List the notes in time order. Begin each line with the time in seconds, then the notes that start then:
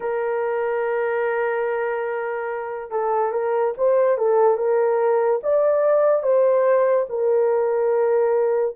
0.00 A#4
2.91 A4
3.32 A#4
3.77 C5
4.17 A4
4.57 A#4
5.43 D5
6.22 C5
7.09 A#4